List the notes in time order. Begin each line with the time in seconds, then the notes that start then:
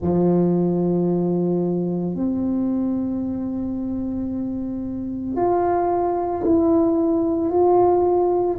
0.01 F3
2.14 C4
5.36 F4
6.44 E4
7.50 F4